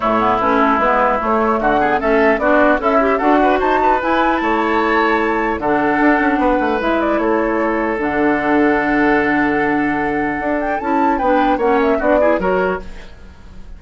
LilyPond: <<
  \new Staff \with { instrumentName = "flute" } { \time 4/4 \tempo 4 = 150 cis''4 b'8 a'8 b'4 cis''4 | fis''4 e''4 d''4 e''4 | fis''4 a''4 gis''4 a''4~ | a''2 fis''2~ |
fis''4 e''8 d''8 cis''2 | fis''1~ | fis''2~ fis''8 g''8 a''4 | g''4 fis''8 e''8 d''4 cis''4 | }
  \new Staff \with { instrumentName = "oboe" } { \time 4/4 e'1 | fis'8 gis'8 a'4 fis'4 e'4 | a'8 b'8 c''8 b'4. cis''4~ | cis''2 a'2 |
b'2 a'2~ | a'1~ | a'1 | b'4 cis''4 fis'8 gis'8 ais'4 | }
  \new Staff \with { instrumentName = "clarinet" } { \time 4/4 a8 b8 cis'4 b4 a4~ | a8 b8 cis'4 d'4 a'8 g'8 | fis'2 e'2~ | e'2 d'2~ |
d'4 e'2. | d'1~ | d'2. e'4 | d'4 cis'4 d'8 e'8 fis'4 | }
  \new Staff \with { instrumentName = "bassoon" } { \time 4/4 a,4 a4 gis4 a4 | d4 a4 b4 cis'4 | d'4 dis'4 e'4 a4~ | a2 d4 d'8 cis'8 |
b8 a8 gis4 a2 | d1~ | d2 d'4 cis'4 | b4 ais4 b4 fis4 | }
>>